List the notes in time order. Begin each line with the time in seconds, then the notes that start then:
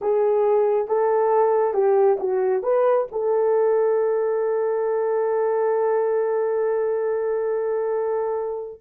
0.01 G#4
0.87 A4
1.73 G4
2.19 F#4
2.62 B4
3.11 A4